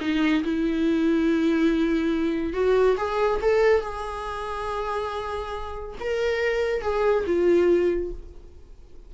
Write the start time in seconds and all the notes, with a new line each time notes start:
0.00 D#4
0.43 E4
2.53 F#4
2.97 G#4
3.41 A4
3.81 G#4
6.00 A#4
6.81 G#4
7.26 F4